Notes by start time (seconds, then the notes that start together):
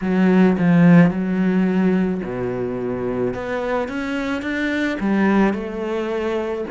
0.01 F#3
0.58 F3
1.10 F#3
2.23 B2
3.34 B3
3.88 C#4
4.42 D4
5.00 G3
5.53 A3